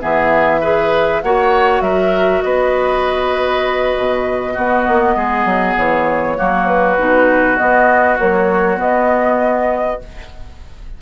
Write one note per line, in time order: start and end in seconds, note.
0.00 1.23 E3
0.00 0.61 B3
0.00 0.60 G#4
0.00 1.21 E5
0.60 1.22 G#4
0.60 1.21 B4
1.21 1.81 A#3
1.21 4.56 F#4
1.21 1.83 C#5
1.21 1.81 F#5
1.81 2.41 F#3
1.81 2.43 A#4
1.81 2.41 E5
2.41 3.95 B3
2.41 4.53 B4
2.41 5.74 D#5
3.97 4.57 B2
4.53 6.36 B3
4.53 4.87 B3
4.53 5.14 F#4
4.88 5.15 A#3
5.15 5.45 G#3
5.15 6.37 G#4
5.45 5.75 F#3
5.76 6.38 E3
5.76 6.67 C#5
6.36 6.98 F#3
6.36 6.97 A#3
6.36 10.01 F#4
6.67 7.56 B4
6.97 7.59 B2
6.97 7.57 D#4
7.56 8.18 B3
7.56 8.17 D#5
8.18 8.78 F#3
8.18 8.77 A#3
8.18 8.79 C#5
8.77 9.99 B3
8.77 10.01 D#5